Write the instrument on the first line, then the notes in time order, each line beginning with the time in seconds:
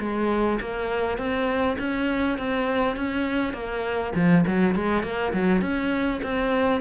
cello
0.00 G#3
0.60 A#3
1.18 C4
1.79 C#4
2.38 C4
2.96 C#4
3.53 A#3
4.15 F3
4.47 F#3
4.75 G#3
5.03 A#3
5.33 F#3
5.62 C#4
6.23 C4